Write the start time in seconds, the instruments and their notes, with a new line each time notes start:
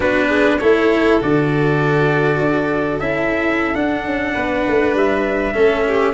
0.00 tuba B3, cello D4, violin F#4, trumpet B4
0.28 violin G#4
0.58 tuba A3, cello E4, violin A4, trumpet C#5
1.20 tuba D3, cello F#4, trumpet D5
2.39 tuba D4
2.99 tuba C#4, cello E4, trumpet E5
3.75 cello D4, tuba D4, trumpet F#5
4.04 tuba C#4
4.33 tuba B3, violin B4
4.67 tuba A3
4.94 tuba G3, trumpet E5
5.53 tuba A3, cello C#4, violin A4
5.87 violin G4